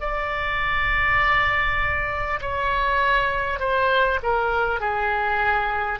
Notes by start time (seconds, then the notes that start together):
0.00 D5
2.41 C#5
3.59 C5
4.23 A#4
4.80 G#4